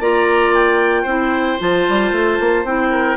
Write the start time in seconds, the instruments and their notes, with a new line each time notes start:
0.00 bassoon A#3, clarinet F4 A#5, oboe D5
0.54 clarinet G5
1.02 bassoon C4, clarinet E4, oboe C5
1.59 bassoon F3, clarinet F4 A5
1.89 bassoon G3
2.12 bassoon A3
2.40 bassoon A#3
2.64 bassoon C4, clarinet E4 G5
2.91 oboe A#4